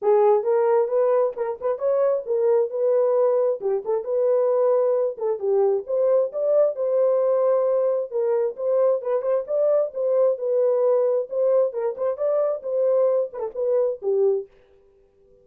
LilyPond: \new Staff \with { instrumentName = "horn" } { \time 4/4 \tempo 4 = 133 gis'4 ais'4 b'4 ais'8 b'8 | cis''4 ais'4 b'2 | g'8 a'8 b'2~ b'8 a'8 | g'4 c''4 d''4 c''4~ |
c''2 ais'4 c''4 | b'8 c''8 d''4 c''4 b'4~ | b'4 c''4 ais'8 c''8 d''4 | c''4. b'16 a'16 b'4 g'4 | }